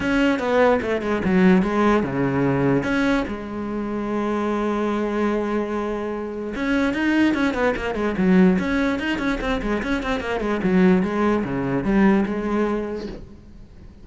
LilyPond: \new Staff \with { instrumentName = "cello" } { \time 4/4 \tempo 4 = 147 cis'4 b4 a8 gis8 fis4 | gis4 cis2 cis'4 | gis1~ | gis1 |
cis'4 dis'4 cis'8 b8 ais8 gis8 | fis4 cis'4 dis'8 cis'8 c'8 gis8 | cis'8 c'8 ais8 gis8 fis4 gis4 | cis4 g4 gis2 | }